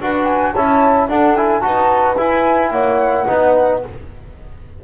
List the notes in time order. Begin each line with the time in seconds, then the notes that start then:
0.00 D4 F#4 B4 F#5
0.25 G#5
0.53 C#4 E4 C#5 A5
1.08 D4 A4 F#5
1.36 E4 G#5
1.60 D#4 F#4 B4 A5
2.17 E4 G#5
2.70 A#3 C#5 F#5
3.27 B3 D#4 B4